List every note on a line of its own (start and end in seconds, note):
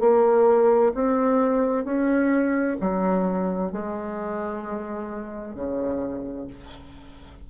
0.00 0.92 A#3
0.94 1.84 C4
1.84 2.77 C#4
2.80 3.72 F#3
3.72 5.55 G#3
5.55 6.47 C#3